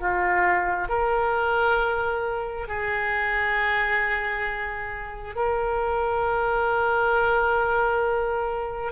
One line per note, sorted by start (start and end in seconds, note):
0.00 0.88 F4
0.88 2.67 A#4
2.67 5.35 G#4
5.35 8.92 A#4